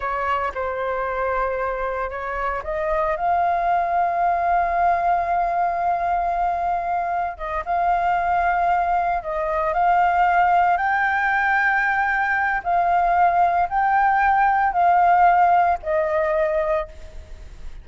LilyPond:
\new Staff \with { instrumentName = "flute" } { \time 4/4 \tempo 4 = 114 cis''4 c''2. | cis''4 dis''4 f''2~ | f''1~ | f''2 dis''8 f''4.~ |
f''4. dis''4 f''4.~ | f''8 g''2.~ g''8 | f''2 g''2 | f''2 dis''2 | }